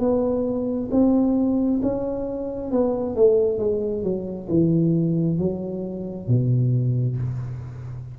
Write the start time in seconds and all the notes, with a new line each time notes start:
0.00 B3
0.92 C4
1.83 C#4
2.72 B3
3.16 A3
3.59 G#3
4.04 F#3
4.49 E3
5.39 F#3
6.28 B2